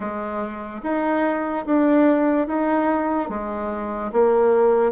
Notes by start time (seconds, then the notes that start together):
0.00 G#3
0.83 D#4
1.66 D4
2.47 D#4
3.29 G#3
4.12 A#3